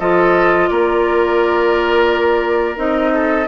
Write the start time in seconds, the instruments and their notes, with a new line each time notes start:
0.00 bassoon F3, clarinet F4, oboe A4, flute D#5
0.68 bassoon A#3, oboe A#4, flute D5
2.76 bassoon C4, clarinet D#4, flute D#5
3.14 oboe A4